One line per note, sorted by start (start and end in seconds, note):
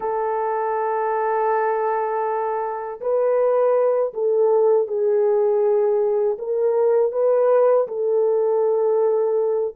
0.00 3.00 A4
3.00 4.13 B4
4.13 4.88 A4
4.88 6.38 G#4
6.38 7.12 A#4
7.12 7.87 B4
7.88 9.75 A4